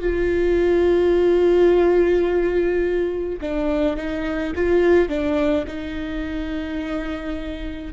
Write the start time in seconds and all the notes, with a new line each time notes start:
0.00 F4
3.41 D4
3.96 D#4
4.55 F4
5.08 D4
5.67 D#4